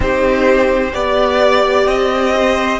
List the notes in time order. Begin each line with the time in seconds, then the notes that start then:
0.00 C4 D#4 G4 C5
0.92 B3 G4 D5
1.86 C4 D#5
2.36 C5